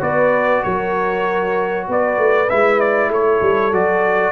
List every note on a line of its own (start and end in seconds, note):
0.00 0.63 B3
0.00 2.47 F#4
0.00 0.63 B4
0.00 0.64 D5
0.64 1.89 F#3
0.64 1.87 A#4
0.64 1.87 C#5
1.88 2.18 B3
1.88 3.12 B4
1.88 2.50 D5
2.18 2.49 A3
2.50 3.09 G#3
2.50 3.73 E4
2.50 2.80 E5
2.80 3.11 D5
3.09 3.40 A3
3.09 4.32 A4
3.09 3.74 C#5
3.42 3.73 G3
3.73 4.32 F#3
3.73 4.32 F#4
3.73 4.32 D5